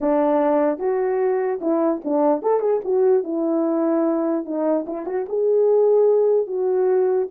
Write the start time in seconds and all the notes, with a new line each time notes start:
0.00 D4
0.79 F#4
1.61 E4
2.04 D4
2.42 A4
2.59 G#4
2.84 F#4
3.23 E4
4.45 D#4
4.86 E4
5.05 F#4
5.29 G#4
6.46 F#4